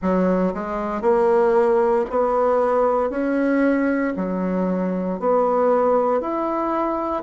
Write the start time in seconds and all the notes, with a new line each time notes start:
0.01 F#3
0.54 G#3
1.01 A#3
2.09 B3
3.10 C#4
4.16 F#3
5.20 B3
6.20 E4